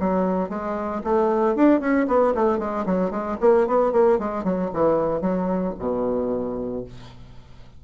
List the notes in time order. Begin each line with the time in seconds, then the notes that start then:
0.00 F#3
0.49 G#3
1.04 A3
1.56 D4
1.80 C#4
2.08 B3
2.35 A3
2.59 G#3
2.86 F#3
3.11 G#3
3.41 A#3
3.67 B3
3.92 A#3
4.19 G#3
4.44 F#3
4.74 E3
5.21 F#3
5.79 B2